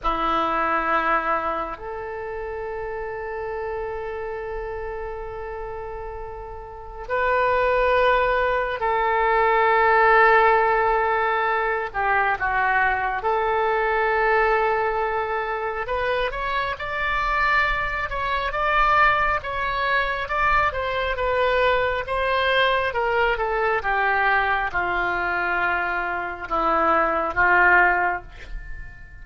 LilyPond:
\new Staff \with { instrumentName = "oboe" } { \time 4/4 \tempo 4 = 68 e'2 a'2~ | a'1 | b'2 a'2~ | a'4. g'8 fis'4 a'4~ |
a'2 b'8 cis''8 d''4~ | d''8 cis''8 d''4 cis''4 d''8 c''8 | b'4 c''4 ais'8 a'8 g'4 | f'2 e'4 f'4 | }